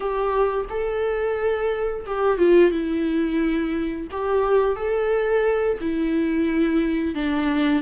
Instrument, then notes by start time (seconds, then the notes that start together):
viola
0.00 G4
0.69 A4
2.06 G4
2.38 F4
2.71 E4
4.11 G4
4.76 A4
5.80 E4
7.14 D4